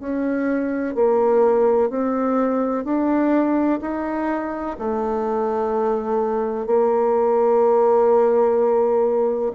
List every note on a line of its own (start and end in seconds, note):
0.00 0.95 C#4
0.95 1.90 A#3
1.90 2.85 C4
2.85 3.80 D4
3.81 4.77 D#4
4.79 6.67 A3
6.67 9.52 A#3